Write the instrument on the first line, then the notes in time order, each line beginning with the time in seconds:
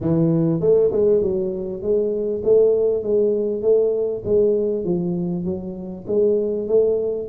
tuba
0.00 E3
0.60 A3
0.92 G#3
1.21 F#3
1.82 G#3
2.44 A3
3.03 G#3
3.62 A3
4.25 G#3
4.84 F3
5.45 F#3
6.07 G#3
6.67 A3